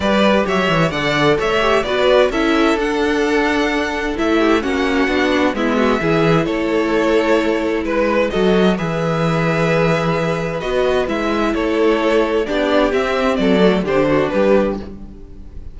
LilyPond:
<<
  \new Staff \with { instrumentName = "violin" } { \time 4/4 \tempo 4 = 130 d''4 e''4 fis''4 e''4 | d''4 e''4 fis''2~ | fis''4 e''4 fis''2 | e''2 cis''2~ |
cis''4 b'4 dis''4 e''4~ | e''2. dis''4 | e''4 cis''2 d''4 | e''4 d''4 c''4 b'4 | }
  \new Staff \with { instrumentName = "violin" } { \time 4/4 b'4 cis''4 d''4 cis''4 | b'4 a'2.~ | a'4. g'8 fis'2 | e'8 fis'8 gis'4 a'2~ |
a'4 b'4 a'4 b'4~ | b'1~ | b'4 a'2 g'4~ | g'4 a'4 g'8 fis'8 g'4 | }
  \new Staff \with { instrumentName = "viola" } { \time 4/4 g'2 a'4. g'8 | fis'4 e'4 d'2~ | d'4 e'4 cis'4 d'4 | b4 e'2.~ |
e'2 fis'4 gis'4~ | gis'2. fis'4 | e'2. d'4 | c'4. a8 d'2 | }
  \new Staff \with { instrumentName = "cello" } { \time 4/4 g4 fis8 e8 d4 a4 | b4 cis'4 d'2~ | d'4 a4 ais4 b4 | gis4 e4 a2~ |
a4 gis4 fis4 e4~ | e2. b4 | gis4 a2 b4 | c'4 fis4 d4 g4 | }
>>